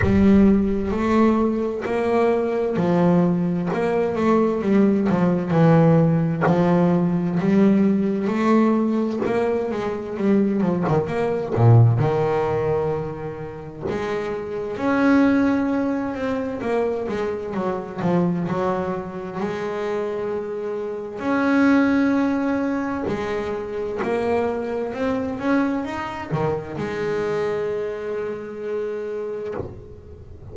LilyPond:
\new Staff \with { instrumentName = "double bass" } { \time 4/4 \tempo 4 = 65 g4 a4 ais4 f4 | ais8 a8 g8 f8 e4 f4 | g4 a4 ais8 gis8 g8 f16 dis16 | ais8 ais,8 dis2 gis4 |
cis'4. c'8 ais8 gis8 fis8 f8 | fis4 gis2 cis'4~ | cis'4 gis4 ais4 c'8 cis'8 | dis'8 dis8 gis2. | }